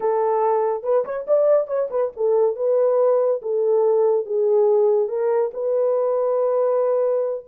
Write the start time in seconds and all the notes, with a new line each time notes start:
0.00 A4
0.83 B4
1.04 C#5
1.27 D5
1.67 C#5
1.90 B4
2.16 A4
2.56 B4
3.42 A4
4.25 G#4
5.08 A#4
5.53 B4